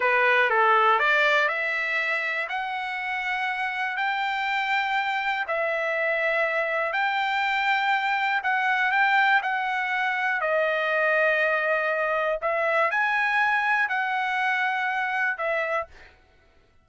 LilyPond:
\new Staff \with { instrumentName = "trumpet" } { \time 4/4 \tempo 4 = 121 b'4 a'4 d''4 e''4~ | e''4 fis''2. | g''2. e''4~ | e''2 g''2~ |
g''4 fis''4 g''4 fis''4~ | fis''4 dis''2.~ | dis''4 e''4 gis''2 | fis''2. e''4 | }